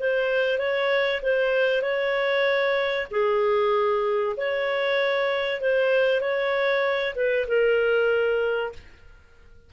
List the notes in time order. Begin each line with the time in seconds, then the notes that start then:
0.00 C5
0.59 C#5
1.23 C5
1.82 C#5
3.11 G#4
4.37 C#5
5.61 C5
6.21 C#5
7.15 B4
7.48 A#4